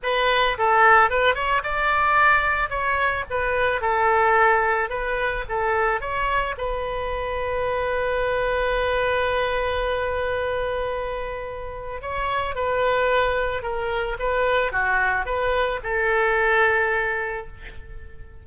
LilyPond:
\new Staff \with { instrumentName = "oboe" } { \time 4/4 \tempo 4 = 110 b'4 a'4 b'8 cis''8 d''4~ | d''4 cis''4 b'4 a'4~ | a'4 b'4 a'4 cis''4 | b'1~ |
b'1~ | b'2 cis''4 b'4~ | b'4 ais'4 b'4 fis'4 | b'4 a'2. | }